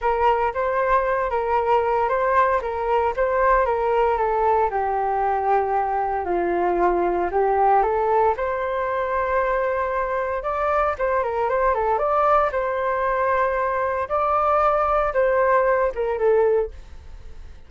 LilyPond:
\new Staff \with { instrumentName = "flute" } { \time 4/4 \tempo 4 = 115 ais'4 c''4. ais'4. | c''4 ais'4 c''4 ais'4 | a'4 g'2. | f'2 g'4 a'4 |
c''1 | d''4 c''8 ais'8 c''8 a'8 d''4 | c''2. d''4~ | d''4 c''4. ais'8 a'4 | }